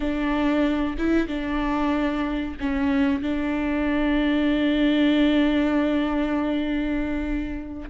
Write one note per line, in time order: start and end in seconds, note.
0.00 0.96 D4
0.98 1.27 E4
1.27 2.56 D4
2.60 3.22 C#4
3.22 7.89 D4